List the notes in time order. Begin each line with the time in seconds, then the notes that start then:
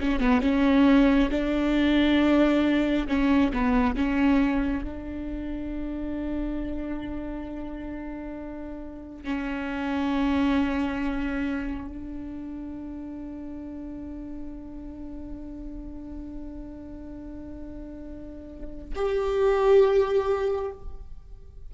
0.00 C#4
0.20 B3
0.41 C#4
1.31 D4
3.08 C#4
3.53 B3
3.96 C#4
4.84 D4
9.24 C#4
11.88 D4
18.95 G4